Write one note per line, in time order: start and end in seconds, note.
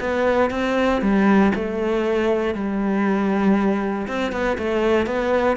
0.00 0.50 B3
0.50 1.01 C4
1.01 1.52 G3
1.55 2.54 A3
2.54 4.07 G3
4.07 4.32 C4
4.32 4.57 B3
4.58 5.06 A3
5.06 5.57 B3